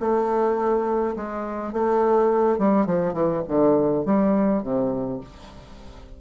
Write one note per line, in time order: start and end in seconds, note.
0.00 1.15 A3
1.16 1.73 G#3
1.73 2.58 A3
2.58 2.86 G3
2.86 3.13 F3
3.13 3.42 E3
3.48 4.05 D3
4.05 4.63 G3
4.63 5.20 C3